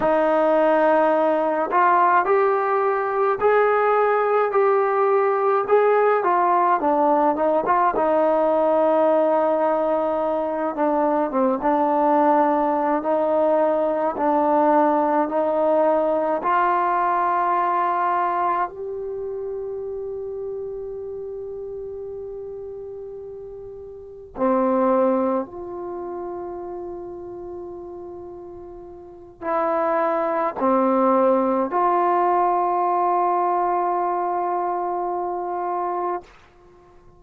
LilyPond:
\new Staff \with { instrumentName = "trombone" } { \time 4/4 \tempo 4 = 53 dis'4. f'8 g'4 gis'4 | g'4 gis'8 f'8 d'8 dis'16 f'16 dis'4~ | dis'4. d'8 c'16 d'4~ d'16 dis'8~ | dis'8 d'4 dis'4 f'4.~ |
f'8 g'2.~ g'8~ | g'4. c'4 f'4.~ | f'2 e'4 c'4 | f'1 | }